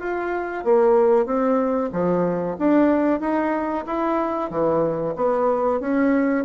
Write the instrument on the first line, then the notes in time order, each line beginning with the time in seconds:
bassoon
0.00 F4
0.65 A#3
1.26 C4
1.92 F3
2.59 D4
3.20 D#4
3.86 E4
4.50 E3
5.16 B3
5.80 C#4